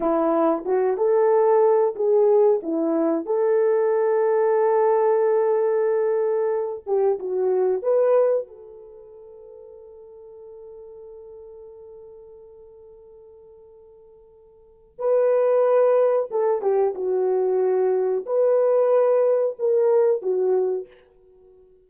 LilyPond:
\new Staff \with { instrumentName = "horn" } { \time 4/4 \tempo 4 = 92 e'4 fis'8 a'4. gis'4 | e'4 a'2.~ | a'2~ a'8 g'8 fis'4 | b'4 a'2.~ |
a'1~ | a'2. b'4~ | b'4 a'8 g'8 fis'2 | b'2 ais'4 fis'4 | }